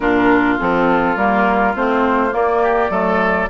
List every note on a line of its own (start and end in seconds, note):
0.00 0.58 A#2
0.00 0.59 D4
0.00 2.62 F4
0.00 0.55 A#4
0.58 1.15 F3
0.58 1.17 C4
0.58 1.16 A4
1.15 1.74 G3
1.15 1.75 A#3
1.15 1.75 A#4
1.75 2.33 A3
1.75 2.30 C4
1.75 2.33 C5
2.30 2.88 A#3
2.30 2.89 A#3
2.30 3.49 D5
2.62 2.91 G4
2.89 3.48 F#3
2.89 3.48 A3
2.89 3.49 A4